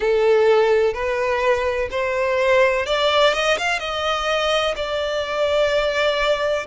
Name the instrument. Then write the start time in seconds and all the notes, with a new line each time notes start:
violin
0.00 A4
0.93 B4
1.90 C5
2.86 D5
3.33 D#5
3.57 F5
3.79 D#5
4.76 D5